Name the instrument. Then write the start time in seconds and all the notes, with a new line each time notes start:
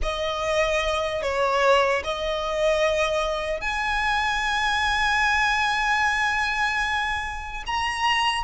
violin
0.02 D#5
1.22 C#5
2.04 D#5
3.60 G#5
7.66 A#5